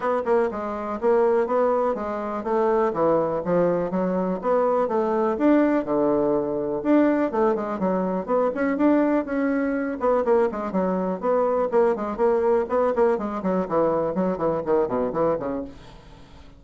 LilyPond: \new Staff \with { instrumentName = "bassoon" } { \time 4/4 \tempo 4 = 123 b8 ais8 gis4 ais4 b4 | gis4 a4 e4 f4 | fis4 b4 a4 d'4 | d2 d'4 a8 gis8 |
fis4 b8 cis'8 d'4 cis'4~ | cis'8 b8 ais8 gis8 fis4 b4 | ais8 gis8 ais4 b8 ais8 gis8 fis8 | e4 fis8 e8 dis8 b,8 e8 cis8 | }